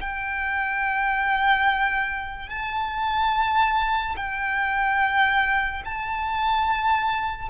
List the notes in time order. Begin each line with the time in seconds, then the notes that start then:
0.00 G5
2.49 A5
4.16 G5
5.85 A5